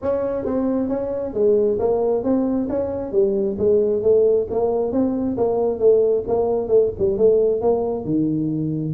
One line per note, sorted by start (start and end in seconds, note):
0.02 0.45 C#4
0.45 0.89 C4
0.89 1.33 C#4
1.33 1.78 G#3
1.79 2.23 A#3
2.23 2.68 C4
2.69 3.12 C#4
3.12 3.57 G3
3.58 4.02 G#3
4.02 4.47 A3
4.50 4.92 A#3
4.92 5.36 C4
5.37 5.79 A#3
5.79 6.24 A3
6.27 6.67 A#3
6.67 6.90 A3
6.98 7.17 G3
7.17 7.61 A3
7.61 8.04 A#3
8.04 8.93 D#3